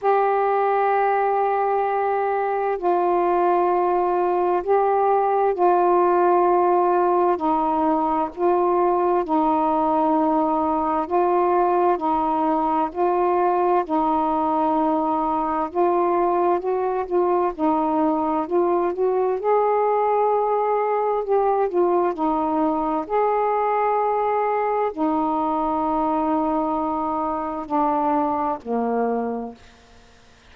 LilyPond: \new Staff \with { instrumentName = "saxophone" } { \time 4/4 \tempo 4 = 65 g'2. f'4~ | f'4 g'4 f'2 | dis'4 f'4 dis'2 | f'4 dis'4 f'4 dis'4~ |
dis'4 f'4 fis'8 f'8 dis'4 | f'8 fis'8 gis'2 g'8 f'8 | dis'4 gis'2 dis'4~ | dis'2 d'4 ais4 | }